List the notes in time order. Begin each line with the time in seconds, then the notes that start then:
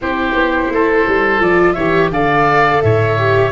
0.01 C4 E4 G4 C5
0.33 B3
0.69 A3 A4
1.07 G3
1.40 F3 F4 D5
1.73 E3 C#5 E5
1.79 G4
2.10 D3 A4 D5 F5
2.81 A2 C#5 E5
3.18 G4